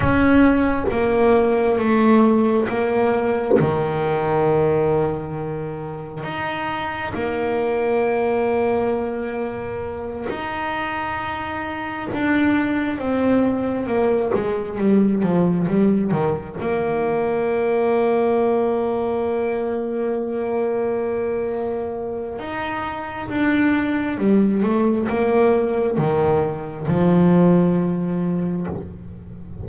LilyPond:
\new Staff \with { instrumentName = "double bass" } { \time 4/4 \tempo 4 = 67 cis'4 ais4 a4 ais4 | dis2. dis'4 | ais2.~ ais8 dis'8~ | dis'4. d'4 c'4 ais8 |
gis8 g8 f8 g8 dis8 ais4.~ | ais1~ | ais4 dis'4 d'4 g8 a8 | ais4 dis4 f2 | }